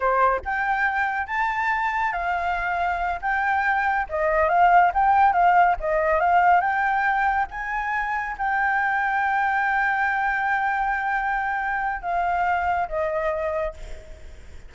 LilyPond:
\new Staff \with { instrumentName = "flute" } { \time 4/4 \tempo 4 = 140 c''4 g''2 a''4~ | a''4 f''2~ f''8 g''8~ | g''4. dis''4 f''4 g''8~ | g''8 f''4 dis''4 f''4 g''8~ |
g''4. gis''2 g''8~ | g''1~ | g''1 | f''2 dis''2 | }